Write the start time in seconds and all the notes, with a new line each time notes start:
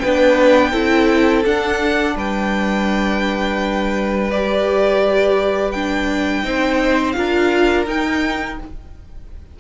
0.00 B3 D4 B4 G5
0.72 C4 E4 A4
1.46 D4 F#5
2.16 G3 B4 G5
4.31 G4 D5
5.72 D4 G5
6.43 C4 D#4 C5
7.12 D4 F4 A#4 F5
7.87 D#4 G5